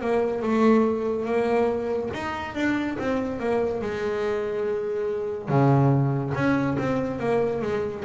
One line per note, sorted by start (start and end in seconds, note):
0.00 0.42 A#3
0.42 1.25 A3
1.25 2.09 A#3
2.14 2.55 D#4
2.55 2.97 D4
2.98 3.39 C4
3.39 3.81 A#3
3.81 5.49 G#3
5.49 6.33 C#3
6.34 6.76 C#4
6.78 7.19 C4
7.19 7.61 A#3
7.61 8.04 G#3